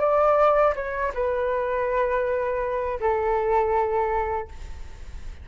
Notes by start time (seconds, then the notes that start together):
0.00 D5
0.75 C#5
1.14 B4
3.00 A4